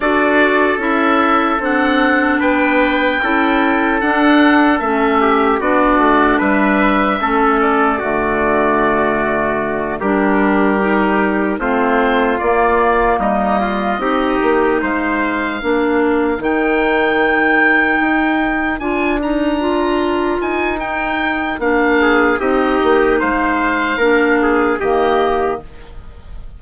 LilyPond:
<<
  \new Staff \with { instrumentName = "oboe" } { \time 4/4 \tempo 4 = 75 d''4 e''4 fis''4 g''4~ | g''4 fis''4 e''4 d''4 | e''4. d''2~ d''8~ | d''8 ais'2 c''4 d''8~ |
d''8 dis''2 f''4.~ | f''8 g''2. gis''8 | ais''4. gis''8 g''4 f''4 | dis''4 f''2 dis''4 | }
  \new Staff \with { instrumentName = "trumpet" } { \time 4/4 a'2. b'4 | a'2~ a'8 g'8 fis'4 | b'4 a'4 fis'2~ | fis'8 g'2 f'4.~ |
f'8 dis'8 f'8 g'4 c''4 ais'8~ | ais'1~ | ais'2.~ ais'8 gis'8 | g'4 c''4 ais'8 gis'8 g'4 | }
  \new Staff \with { instrumentName = "clarinet" } { \time 4/4 fis'4 e'4 d'2 | e'4 d'4 cis'4 d'4~ | d'4 cis'4 a2~ | a8 d'4 dis'4 c'4 ais8~ |
ais4. dis'2 d'8~ | d'8 dis'2. f'8 | dis'8 f'4. dis'4 d'4 | dis'2 d'4 ais4 | }
  \new Staff \with { instrumentName = "bassoon" } { \time 4/4 d'4 cis'4 c'4 b4 | cis'4 d'4 a4 b8 a8 | g4 a4 d2~ | d8 g2 a4 ais8~ |
ais8 g4 c'8 ais8 gis4 ais8~ | ais8 dis2 dis'4 d'8~ | d'4. dis'4. ais4 | c'8 ais8 gis4 ais4 dis4 | }
>>